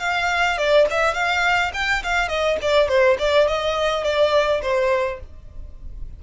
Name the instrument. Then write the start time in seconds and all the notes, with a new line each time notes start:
violin
0.00 F5
0.58 D5
0.91 E5
1.14 F5
1.74 G5
2.03 F5
2.29 D#5
2.62 D5
2.89 C5
3.19 D5
3.48 D#5
4.04 D5
4.62 C5